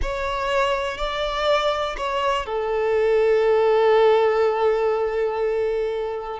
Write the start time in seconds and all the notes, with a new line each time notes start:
0.02 C#5
0.97 D5
1.97 C#5
2.46 A4